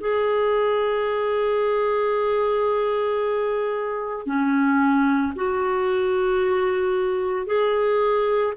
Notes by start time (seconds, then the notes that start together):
0.00 G#4
4.26 C#4
5.36 F#4
7.47 G#4